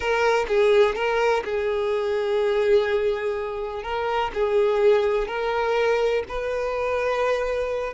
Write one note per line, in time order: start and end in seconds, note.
0.00 0.46 A#4
0.48 0.95 G#4
0.95 1.43 A#4
1.44 3.83 G#4
3.83 4.31 A#4
4.34 5.27 G#4
5.27 6.23 A#4
6.28 7.93 B4